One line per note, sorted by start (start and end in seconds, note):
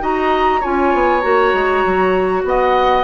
0.00 0.62 D#4
0.00 0.61 F#4
0.00 0.61 D#5
0.00 0.64 A#5
0.61 0.94 C#4
0.61 1.22 F4
0.61 2.42 C#5
0.61 1.21 G#5
0.94 1.24 B3
1.21 1.54 A#3
1.21 3.04 F#4
1.21 2.43 A#5
1.54 1.84 G#3
1.86 2.44 F#3
2.44 3.04 B3
2.44 3.04 D#5
2.44 3.04 F#5